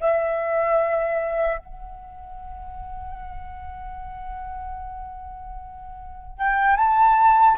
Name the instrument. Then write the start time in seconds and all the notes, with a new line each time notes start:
flute
0.00 E5
1.59 F#5
6.38 G5
6.77 A5